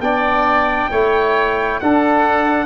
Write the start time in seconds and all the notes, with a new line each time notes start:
0.00 B3 D4 D5 G5
0.91 A3 E4 C#5
1.80 D4 A4 F#5